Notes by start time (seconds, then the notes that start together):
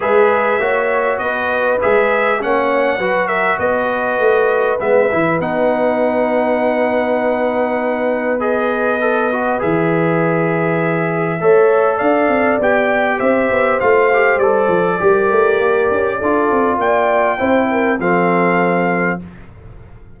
0.00 G#3 G#4 B4 E5
0.59 A#3 F#4 C#5
1.18 B3 B4 D#5
1.81 G#3 G#4 E5
2.40 A#3 C#4 C#5 F#5
2.98 F#3 F#4 B4
3.27 A#4 E5
3.58 B3 B4 D#5
4.18 A3
4.79 G#3 B3 E5
5.11 E3 E4
5.40 B3 D#4 F#5
8.39 G#4 D#5
9.00 A4
9.31 F#4
9.58 E3 G#4 E5
11.40 A3 A4 C#5
11.96 D4 D5 F5
12.28 C4
12.59 B3 G4 G5
13.17 C4 C5 E5
13.51 B3
13.80 A3 F4 F5
14.13 G4
14.36 G3 D5
14.42 A4
14.68 F3
14.99 G3 G4 A#4
15.31 A3
15.60 A#3
15.90 C#4
16.18 D4 F4 A4
16.51 C4
16.77 A#3 D5 G5
17.38 C4 E4 C5
17.71 A#4
17.99 F3 C4 A4 F5